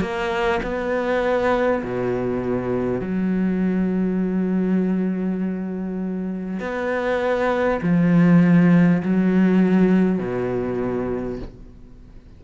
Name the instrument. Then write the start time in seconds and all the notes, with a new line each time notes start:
cello
0.00 A#3
0.62 B3
1.83 B2
3.01 F#3
6.59 B3
7.82 F3
9.02 F#3
10.18 B2